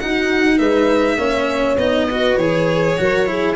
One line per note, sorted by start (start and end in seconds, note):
0.00 0.60 D#4
0.00 1.18 D#4
0.00 0.58 F#4
0.00 0.59 F#5
0.58 1.18 G#3
0.58 1.17 B4
0.58 1.77 E5
1.18 1.77 A#3
1.18 1.78 C#4
1.18 2.08 C#5
1.78 2.37 B3
1.78 2.10 D#4
1.78 2.37 D#5
2.08 2.40 F#4
2.08 2.97 B4
2.37 2.97 E3
2.37 2.98 G#4
2.37 3.56 C#5
2.98 3.57 F#3
2.98 3.27 F#4
2.98 3.30 A#4
3.27 3.56 E4
3.27 3.57 G#4